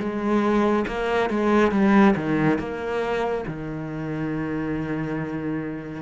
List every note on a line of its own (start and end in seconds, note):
0.00 0.86 G#3
0.88 1.31 A#3
1.31 1.72 G#3
1.72 2.15 G3
2.16 2.59 D#3
2.59 3.45 A#3
3.48 6.03 D#3